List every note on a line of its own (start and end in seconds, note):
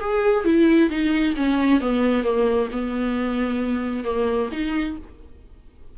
0.00 0.45 G#4
0.45 0.90 E4
0.90 1.35 D#4
1.36 1.81 C#4
1.81 2.24 B3
2.24 2.69 A#3
2.72 4.04 B3
4.04 4.49 A#3
4.52 4.97 D#4